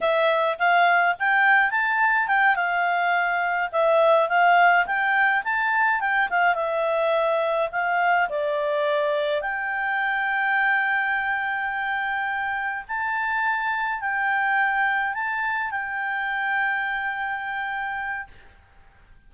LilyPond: \new Staff \with { instrumentName = "clarinet" } { \time 4/4 \tempo 4 = 105 e''4 f''4 g''4 a''4 | g''8 f''2 e''4 f''8~ | f''8 g''4 a''4 g''8 f''8 e''8~ | e''4. f''4 d''4.~ |
d''8 g''2.~ g''8~ | g''2~ g''8 a''4.~ | a''8 g''2 a''4 g''8~ | g''1 | }